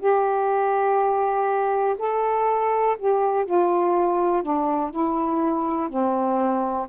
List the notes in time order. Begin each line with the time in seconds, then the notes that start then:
0.00 G4
1.99 A4
2.99 G4
3.46 F4
4.43 D4
4.91 E4
5.90 C4